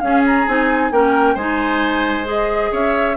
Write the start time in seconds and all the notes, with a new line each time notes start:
0.00 C#4 G#4 F5
0.26 A#5
0.47 C4 D#4 G#5
0.91 A#3 C#4 A#4 G5
1.35 G#3 D#4 C5 G#5
2.25 G#4 D#5
2.72 C#4 C#5 E5